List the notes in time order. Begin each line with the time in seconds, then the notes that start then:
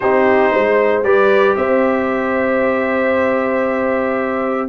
0.00 C4 D#4 G4 C5
0.52 G#3 C5
1.03 G3 G4 B4 D5
1.56 C4 C5 E5